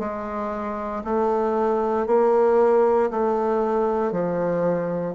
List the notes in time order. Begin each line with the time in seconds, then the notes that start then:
0.00 G#3
1.05 A3
2.07 A#3
3.11 A3
4.12 F3